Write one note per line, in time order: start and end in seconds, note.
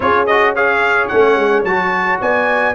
0.00 1.09 C#4
0.00 0.26 F4
0.00 0.55 G#4
0.00 0.26 C#5
0.26 0.56 F#4
0.26 0.54 D#5
0.55 1.11 G#4
0.55 2.20 C#5
0.55 1.08 F5
1.08 1.35 A3
1.08 1.66 C#4
1.08 1.63 F#5
1.35 1.63 G#3
1.63 2.18 F#3
1.63 2.74 F#4
1.63 2.19 A5
2.20 2.74 B3
2.20 2.74 D5
2.20 2.74 G#5